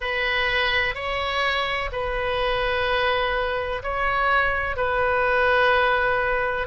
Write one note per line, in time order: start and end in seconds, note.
0.00 0.94 B4
0.94 1.90 C#5
1.92 3.82 B4
3.82 4.76 C#5
4.76 6.67 B4